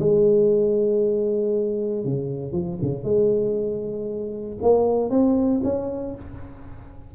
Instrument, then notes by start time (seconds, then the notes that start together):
tuba
0.00 G#3
2.05 C#3
2.52 F3
2.82 C#3
3.04 G#3
4.62 A#3
5.10 C4
5.64 C#4